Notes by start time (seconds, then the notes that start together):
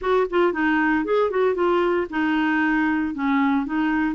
0.01 F#4
0.29 F4
0.52 D#4
1.05 G#4
1.30 F#4
1.55 F4
2.10 D#4
3.14 C#4
3.66 D#4